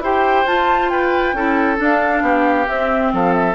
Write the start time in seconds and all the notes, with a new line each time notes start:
0.00 E4 G4 C5 G5
0.46 F4 A5
0.89 B4 G5
1.34 C#4 E4 A4
1.77 D4
1.83 F5
2.22 B3 G4
2.68 C4 E5
3.13 F3 A4 F5
3.34 E5